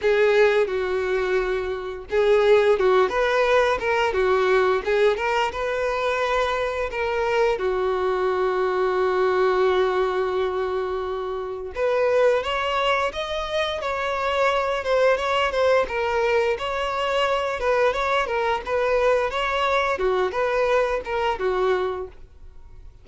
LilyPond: \new Staff \with { instrumentName = "violin" } { \time 4/4 \tempo 4 = 87 gis'4 fis'2 gis'4 | fis'8 b'4 ais'8 fis'4 gis'8 ais'8 | b'2 ais'4 fis'4~ | fis'1~ |
fis'4 b'4 cis''4 dis''4 | cis''4. c''8 cis''8 c''8 ais'4 | cis''4. b'8 cis''8 ais'8 b'4 | cis''4 fis'8 b'4 ais'8 fis'4 | }